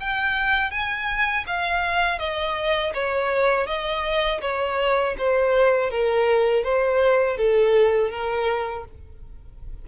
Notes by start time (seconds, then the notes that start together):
0.00 G5
0.71 G#5
1.47 F5
2.19 D#5
2.94 C#5
3.67 D#5
4.41 C#5
5.18 C5
5.91 A#4
6.64 C5
7.37 A4
8.11 A#4